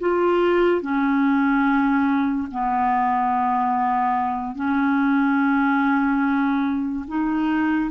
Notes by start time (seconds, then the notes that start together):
0.00 F4
0.82 C#4
2.51 B3
4.55 C#4
7.08 D#4